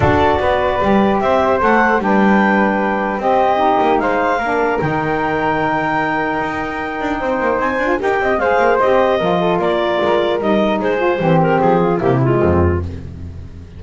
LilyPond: <<
  \new Staff \with { instrumentName = "clarinet" } { \time 4/4 \tempo 4 = 150 d''2. e''4 | fis''4 g''2. | dis''2 f''2 | g''1~ |
g''2. gis''4 | g''4 f''4 dis''2 | d''2 dis''4 c''4~ | c''8 ais'8 gis'4 g'8 f'4. | }
  \new Staff \with { instrumentName = "flute" } { \time 4/4 a'4 b'2 c''4~ | c''4 b'2. | g'2 c''4 ais'4~ | ais'1~ |
ais'2 c''2 | ais'8 dis''8 c''2 ais'8 a'8 | ais'2. gis'4 | g'4. f'8 e'4 c'4 | }
  \new Staff \with { instrumentName = "saxophone" } { \time 4/4 fis'2 g'2 | a'4 d'2. | c'4 dis'2 d'4 | dis'1~ |
dis'2.~ dis'8 f'8 | g'4 gis'4 g'4 f'4~ | f'2 dis'4. f'8 | c'2 ais8 gis4. | }
  \new Staff \with { instrumentName = "double bass" } { \time 4/4 d'4 b4 g4 c'4 | a4 g2. | c'4. ais8 gis4 ais4 | dis1 |
dis'4. d'8 c'8 ais8 c'8 d'8 | dis'8 c'8 gis8 ais8 c'4 f4 | ais4 gis4 g4 gis4 | e4 f4 c4 f,4 | }
>>